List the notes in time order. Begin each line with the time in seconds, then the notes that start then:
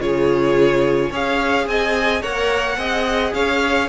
0.00 C#3 F4 G#4 C#5
1.10 C#4 G#4 C#5 F5
1.67 C4 D#5 G#5
2.22 A#3 A#4 C#5 F#5
2.77 C4 G#4 D#5
3.34 C#4 C#5 F5